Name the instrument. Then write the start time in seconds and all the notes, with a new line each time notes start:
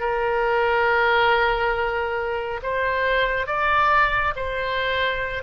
oboe
0.00 A#4
2.62 C5
3.47 D5
4.36 C5